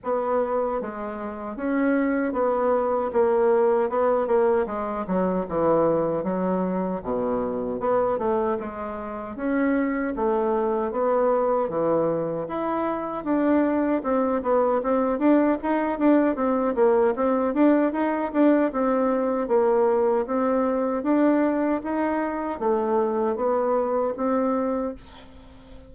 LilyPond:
\new Staff \with { instrumentName = "bassoon" } { \time 4/4 \tempo 4 = 77 b4 gis4 cis'4 b4 | ais4 b8 ais8 gis8 fis8 e4 | fis4 b,4 b8 a8 gis4 | cis'4 a4 b4 e4 |
e'4 d'4 c'8 b8 c'8 d'8 | dis'8 d'8 c'8 ais8 c'8 d'8 dis'8 d'8 | c'4 ais4 c'4 d'4 | dis'4 a4 b4 c'4 | }